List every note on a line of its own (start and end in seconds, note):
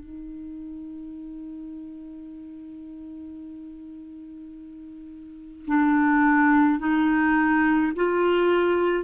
0.00 5.66 D#4
5.67 6.79 D4
6.79 7.92 D#4
7.96 9.04 F4